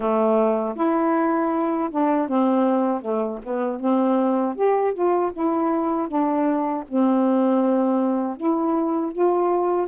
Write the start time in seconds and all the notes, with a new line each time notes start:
0.00 A3
0.75 E4
1.91 D4
2.28 C4
3.01 A3
3.43 B3
3.79 C4
4.55 G4
4.93 F4
5.33 E4
6.08 D4
6.88 C4
8.36 E4
9.12 F4